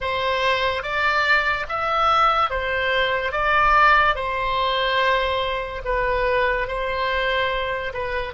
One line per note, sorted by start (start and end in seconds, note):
0.00 0.82 C5
0.82 1.66 D5
1.68 2.50 E5
2.50 3.31 C5
3.31 4.15 D5
4.15 5.81 C5
5.84 6.67 B4
6.67 7.92 C5
7.93 8.33 B4